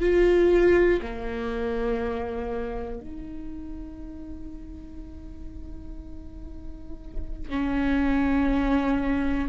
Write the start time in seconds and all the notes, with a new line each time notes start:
0.00 F4
1.02 A#3
3.00 D#4
7.50 C#4